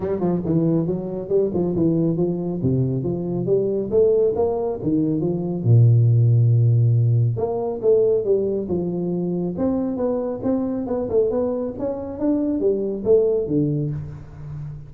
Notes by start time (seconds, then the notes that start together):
0.00 G3
0.20 F3
0.45 E3
0.86 F#3
1.28 G3
1.53 F3
1.75 E3
2.16 F3
2.62 C3
3.03 F3
3.46 G3
3.90 A3
4.35 A#3
4.82 D#3
5.20 F3
5.63 A#2
7.36 A#3
7.81 A3
8.24 G3
8.68 F3
9.57 C4
9.96 B3
10.43 C4
10.87 B3
11.09 A3
11.30 B3
11.78 C#4
12.19 D4
12.59 G3
13.04 A3
13.47 D3